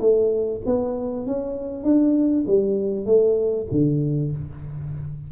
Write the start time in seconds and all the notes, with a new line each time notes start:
0.00 A3
0.66 B3
1.26 C#4
1.83 D4
2.47 G3
3.06 A3
3.71 D3